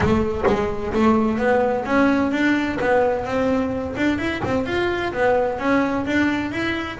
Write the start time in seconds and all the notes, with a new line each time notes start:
0.00 A3
0.46 G#3
0.93 A3
1.38 B3
1.85 C#4
2.31 D4
2.80 B3
3.25 C4
3.96 D4
4.18 E4
4.44 C4
4.66 F4
5.13 B3
5.59 C#4
6.06 D4
6.51 E4